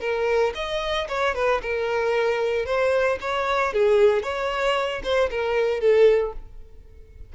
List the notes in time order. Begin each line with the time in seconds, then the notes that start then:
0.00 A#4
0.54 D#5
1.08 C#5
1.34 B4
1.61 A#4
2.65 C5
3.20 C#5
3.73 G#4
4.22 C#5
5.03 C5
5.30 A#4
5.80 A4